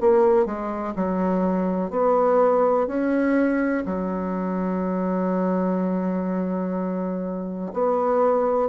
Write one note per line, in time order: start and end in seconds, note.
0.00 0.45 A#3
0.45 0.94 G#3
0.95 1.90 F#3
1.90 2.87 B3
2.87 3.84 C#4
3.85 7.72 F#3
7.73 8.68 B3